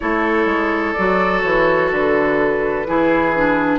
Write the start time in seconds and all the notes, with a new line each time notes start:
0.00 A3 E4 A4 C#5
0.45 G#3
0.93 F#3 F#4 D5
1.41 E3 C#5
1.91 D3 B4
2.86 E3 E4 G#4
3.35 D4